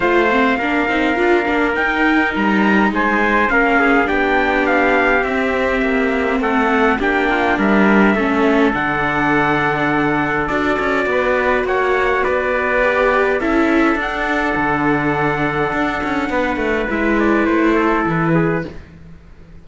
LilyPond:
<<
  \new Staff \with { instrumentName = "trumpet" } { \time 4/4 \tempo 4 = 103 f''2. g''4 | ais''4 gis''4 f''4 g''4 | f''4 e''2 fis''4 | g''4 e''2 fis''4~ |
fis''2 d''2 | fis''4 d''2 e''4 | fis''1~ | fis''4 e''8 d''8 c''4 b'4 | }
  \new Staff \with { instrumentName = "trumpet" } { \time 4/4 c''4 ais'2.~ | ais'4 c''4 ais'8 gis'8 g'4~ | g'2. a'4 | g'8 f'8 ais'4 a'2~ |
a'2. b'4 | cis''4 b'2 a'4~ | a'1 | b'2~ b'8 a'4 gis'8 | }
  \new Staff \with { instrumentName = "viola" } { \time 4/4 f'8 c'8 d'8 dis'8 f'8 d'8 dis'4~ | dis'2 cis'4 d'4~ | d'4 c'2. | d'2 cis'4 d'4~ |
d'2 fis'2~ | fis'2 g'4 e'4 | d'1~ | d'4 e'2. | }
  \new Staff \with { instrumentName = "cello" } { \time 4/4 a4 ais8 c'8 d'8 ais8 dis'4 | g4 gis4 ais4 b4~ | b4 c'4 ais4 a4 | ais4 g4 a4 d4~ |
d2 d'8 cis'8 b4 | ais4 b2 cis'4 | d'4 d2 d'8 cis'8 | b8 a8 gis4 a4 e4 | }
>>